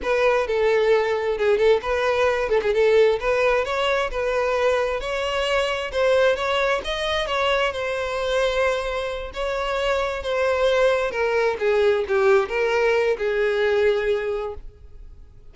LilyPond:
\new Staff \with { instrumentName = "violin" } { \time 4/4 \tempo 4 = 132 b'4 a'2 gis'8 a'8 | b'4. a'16 gis'16 a'4 b'4 | cis''4 b'2 cis''4~ | cis''4 c''4 cis''4 dis''4 |
cis''4 c''2.~ | c''8 cis''2 c''4.~ | c''8 ais'4 gis'4 g'4 ais'8~ | ais'4 gis'2. | }